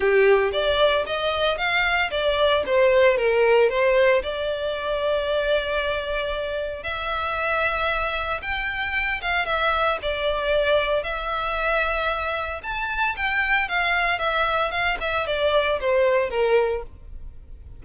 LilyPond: \new Staff \with { instrumentName = "violin" } { \time 4/4 \tempo 4 = 114 g'4 d''4 dis''4 f''4 | d''4 c''4 ais'4 c''4 | d''1~ | d''4 e''2. |
g''4. f''8 e''4 d''4~ | d''4 e''2. | a''4 g''4 f''4 e''4 | f''8 e''8 d''4 c''4 ais'4 | }